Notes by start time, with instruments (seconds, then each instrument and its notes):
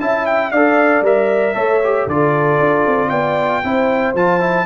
0.00 tuba C#4, trombone E4, horn E5, trumpet A5
0.26 trumpet G5
0.51 tuba D4, trombone A4, horn D5, trumpet F5
1.01 tuba G3, trombone A#4, trumpet E5
1.54 tuba A3, trombone A4, horn C#5
1.84 trombone G4
2.06 tuba D3, trombone F4, horn A4, trumpet D5
2.60 tuba D4
2.86 tuba C4
3.09 tuba B3, horn D5, trumpet G5
3.64 tuba C4, trombone E4, horn C5
4.14 tuba F3, trombone F4, trumpet A5
4.40 trombone E4